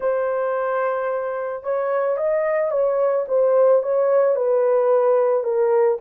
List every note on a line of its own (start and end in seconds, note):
0.00 1.63 C5
1.63 2.17 C#5
2.17 2.71 D#5
2.71 3.25 C#5
3.28 3.82 C5
3.83 4.35 C#5
4.35 5.43 B4
5.43 5.98 A#4